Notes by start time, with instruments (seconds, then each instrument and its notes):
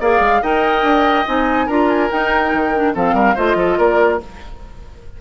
0.00 bassoon A#3, clarinet G#4, oboe D5, flute F5
0.20 bassoon G#3
0.41 bassoon D#4, clarinet A#4, oboe D#5, flute G5
0.83 bassoon D4
1.26 bassoon C4, clarinet D#4, flute G#5
1.66 bassoon D4, clarinet F4, oboe A#4, flute A#5
1.89 flute G#5
2.10 clarinet D#4, bassoon D#4, flute G5
2.53 bassoon D#3
2.74 clarinet D4
2.94 bassoon F3, clarinet C4, oboe A4, flute F5
3.13 bassoon G3, oboe A#4
3.35 bassoon A3, clarinet F4, oboe C5, flute D#5
3.55 bassoon F3, oboe A4
3.77 bassoon A#3, oboe A#4, flute D5